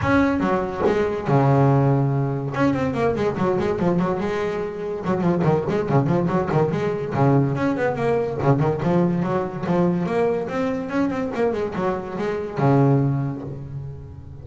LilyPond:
\new Staff \with { instrumentName = "double bass" } { \time 4/4 \tempo 4 = 143 cis'4 fis4 gis4 cis4~ | cis2 cis'8 c'8 ais8 gis8 | fis8 gis8 f8 fis8 gis2 | fis8 f8 dis8 gis8 cis8 f8 fis8 dis8 |
gis4 cis4 cis'8 b8 ais4 | cis8 dis8 f4 fis4 f4 | ais4 c'4 cis'8 c'8 ais8 gis8 | fis4 gis4 cis2 | }